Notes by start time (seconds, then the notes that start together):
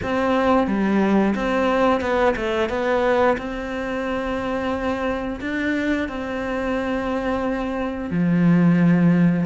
0.02 C4
0.67 G3
1.35 C4
2.00 B3
2.36 A3
2.69 B3
3.37 C4
5.41 D4
6.08 C4
8.10 F3